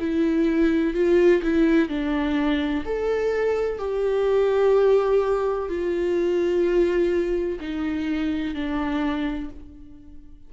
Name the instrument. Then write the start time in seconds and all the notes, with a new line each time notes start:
viola
0.00 E4
0.94 F4
1.43 E4
1.89 D4
2.86 A4
3.79 G4
5.69 F4
7.60 D#4
8.55 D4